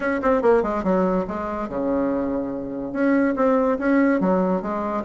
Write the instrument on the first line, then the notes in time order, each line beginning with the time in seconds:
bassoon
0.00 C#4
0.22 C4
0.41 A#3
0.63 G#3
0.83 F#3
1.27 G#3
1.68 C#3
2.93 C#4
3.35 C4
3.79 C#4
4.20 F#3
4.62 G#3